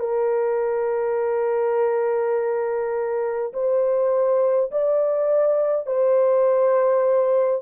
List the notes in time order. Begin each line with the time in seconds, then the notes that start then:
0.00 A#4
3.53 C5
4.71 D5
5.87 C5